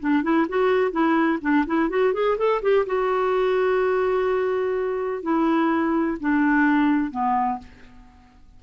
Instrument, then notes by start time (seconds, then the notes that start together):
clarinet
0.00 D4
0.23 E4
0.49 F#4
0.92 E4
1.42 D4
1.67 E4
1.90 F#4
2.14 G#4
2.38 A4
2.63 G4
2.87 F#4
5.23 E4
6.21 D4
7.11 B3